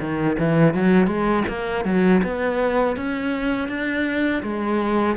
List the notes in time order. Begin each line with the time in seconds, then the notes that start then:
0.00 D#3
0.39 E3
0.74 F#3
1.07 G#3
1.48 A#3
1.85 F#3
2.24 B3
2.97 C#4
3.68 D4
4.43 G#3